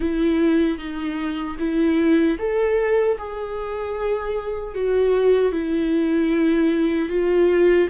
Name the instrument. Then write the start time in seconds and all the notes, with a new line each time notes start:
viola
0.00 E4
0.78 D#4
1.59 E4
2.38 A4
3.18 G#4
4.74 F#4
5.52 E4
7.09 F4